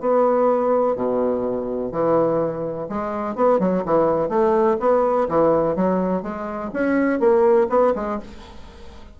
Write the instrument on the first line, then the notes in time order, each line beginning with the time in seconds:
bassoon
0.00 B3
0.95 B2
1.92 E3
2.89 G#3
3.35 B3
3.59 F#3
3.85 E3
4.29 A3
4.79 B3
5.28 E3
5.76 F#3
6.22 G#3
6.73 C#4
7.19 A#3
7.69 B3
7.95 G#3